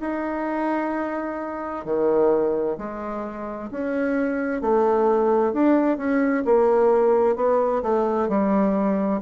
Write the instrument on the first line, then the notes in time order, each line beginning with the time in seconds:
bassoon
0.00 D#4
1.85 D#3
2.78 G#3
3.71 C#4
4.62 A3
5.53 D4
5.97 C#4
6.45 A#3
7.36 B3
7.83 A3
8.28 G3